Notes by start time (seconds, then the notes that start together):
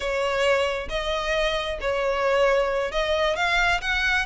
0.00 C#5
0.89 D#5
1.81 C#5
2.91 D#5
3.36 F5
3.81 F#5